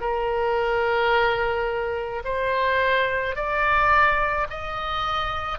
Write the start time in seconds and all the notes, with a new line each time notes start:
0.00 A#4
2.24 C5
3.35 D5
4.49 D#5